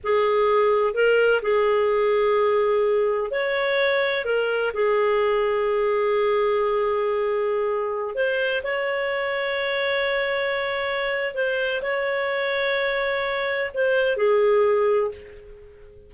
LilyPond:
\new Staff \with { instrumentName = "clarinet" } { \time 4/4 \tempo 4 = 127 gis'2 ais'4 gis'4~ | gis'2. cis''4~ | cis''4 ais'4 gis'2~ | gis'1~ |
gis'4~ gis'16 c''4 cis''4.~ cis''16~ | cis''1 | c''4 cis''2.~ | cis''4 c''4 gis'2 | }